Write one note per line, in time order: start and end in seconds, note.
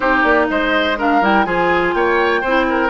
0.00 0.23 C4
0.00 0.96 D#4
0.00 0.45 G4
0.00 0.22 C5
0.23 0.47 A#3
0.23 0.47 D5
0.49 1.21 G#3
0.49 0.98 C5
0.49 0.98 D#5
0.98 1.22 D4
0.98 1.45 A#4
0.98 1.24 F5
1.21 1.45 G3
1.21 1.45 E4
1.21 1.45 G5
1.45 1.94 F3
1.45 2.42 F4
1.45 1.94 G#4
1.45 1.94 G#5
1.94 2.42 A#3
1.94 2.41 C#5
1.94 2.90 G5
2.41 2.90 C4
2.41 2.90 E4
2.41 2.65 C5
2.69 2.90 A#4